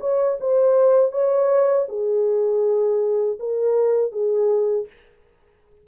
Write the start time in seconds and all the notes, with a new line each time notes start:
0.00 C#5
0.40 C5
1.11 C#5
1.89 G#4
3.39 A#4
4.11 G#4